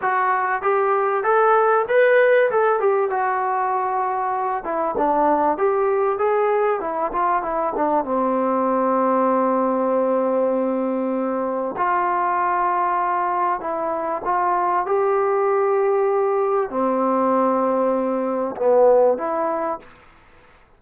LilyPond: \new Staff \with { instrumentName = "trombone" } { \time 4/4 \tempo 4 = 97 fis'4 g'4 a'4 b'4 | a'8 g'8 fis'2~ fis'8 e'8 | d'4 g'4 gis'4 e'8 f'8 | e'8 d'8 c'2.~ |
c'2. f'4~ | f'2 e'4 f'4 | g'2. c'4~ | c'2 b4 e'4 | }